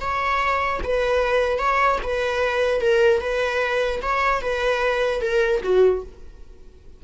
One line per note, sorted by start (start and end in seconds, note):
0.00 0.80 C#5
0.83 1.58 B4
1.58 1.98 C#5
2.03 2.81 B4
2.81 3.20 A#4
3.20 4.00 B4
4.02 4.41 C#5
4.41 5.21 B4
5.21 5.61 A#4
5.63 6.03 F#4